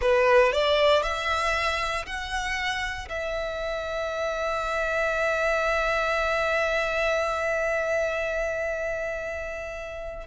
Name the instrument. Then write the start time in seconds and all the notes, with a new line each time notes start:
violin
0.01 B4
0.52 D5
1.03 E5
2.05 F#5
3.08 E5